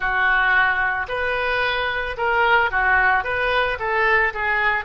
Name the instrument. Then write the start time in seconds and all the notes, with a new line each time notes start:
oboe
0.00 F#4
1.08 B4
2.17 A#4
2.70 F#4
3.24 B4
3.79 A4
4.33 G#4